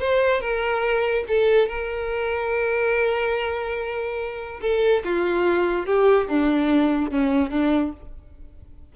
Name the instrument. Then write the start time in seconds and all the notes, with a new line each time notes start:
violin
0.00 C5
0.41 A#4
1.28 A4
1.68 A#4
4.61 A4
5.04 F4
5.86 G4
6.28 D4
7.11 C#4
7.50 D4